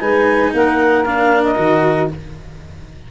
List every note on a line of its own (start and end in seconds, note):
0.00 0.53 G#3
0.00 1.04 D#4
0.00 0.52 B4
0.00 0.52 G#5
0.53 1.57 A#3
0.53 2.11 A#4
0.53 1.04 F#5
1.04 1.55 D4
1.04 1.43 F5
1.43 2.09 D#5
1.55 2.09 D#3
1.55 2.08 F#4